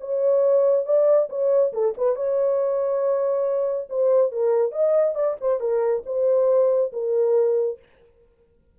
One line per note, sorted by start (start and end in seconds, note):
0.00 0.85 C#5
0.85 1.29 D5
1.29 1.72 C#5
1.73 1.95 A4
1.97 2.15 B4
2.15 3.88 C#5
3.89 4.32 C5
4.32 4.72 A#4
4.72 5.15 D#5
5.15 5.37 D5
5.41 5.60 C5
5.60 6.03 A#4
6.06 6.92 C5
6.92 7.79 A#4